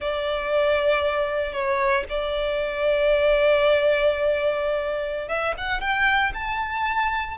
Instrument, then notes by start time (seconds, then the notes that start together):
violin
0.00 D5
1.52 C#5
2.09 D5
5.28 E5
5.57 F#5
5.80 G5
6.34 A5